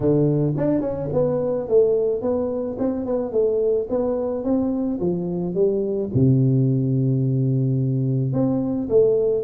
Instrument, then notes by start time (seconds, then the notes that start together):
tuba
0.00 D3
0.56 D4
0.80 C#4
1.12 B3
1.68 A3
2.21 B3
2.78 C4
3.05 B3
3.32 A3
3.89 B3
4.43 C4
5.00 F3
5.54 G3
6.14 C3
8.32 C4
8.89 A3